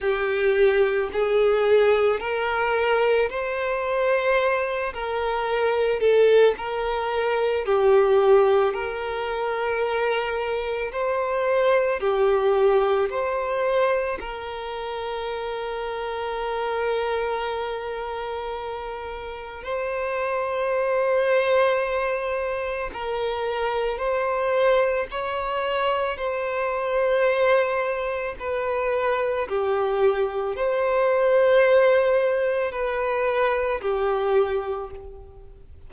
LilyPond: \new Staff \with { instrumentName = "violin" } { \time 4/4 \tempo 4 = 55 g'4 gis'4 ais'4 c''4~ | c''8 ais'4 a'8 ais'4 g'4 | ais'2 c''4 g'4 | c''4 ais'2.~ |
ais'2 c''2~ | c''4 ais'4 c''4 cis''4 | c''2 b'4 g'4 | c''2 b'4 g'4 | }